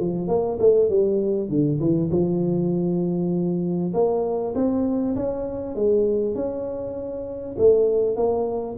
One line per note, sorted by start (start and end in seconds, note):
0.00 0.28 F3
0.28 0.58 A#3
0.60 0.90 A3
0.90 1.49 G3
1.49 1.80 D3
1.80 2.10 E3
2.11 3.93 F3
3.94 4.55 A#3
4.55 5.16 C4
5.16 5.76 C#4
5.76 6.35 G#3
6.35 7.56 C#4
7.59 8.16 A3
8.16 8.77 A#3